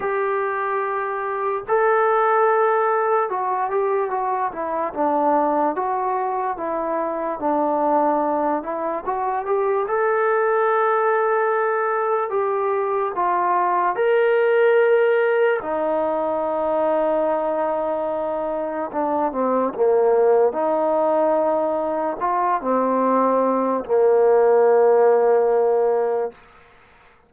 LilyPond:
\new Staff \with { instrumentName = "trombone" } { \time 4/4 \tempo 4 = 73 g'2 a'2 | fis'8 g'8 fis'8 e'8 d'4 fis'4 | e'4 d'4. e'8 fis'8 g'8 | a'2. g'4 |
f'4 ais'2 dis'4~ | dis'2. d'8 c'8 | ais4 dis'2 f'8 c'8~ | c'4 ais2. | }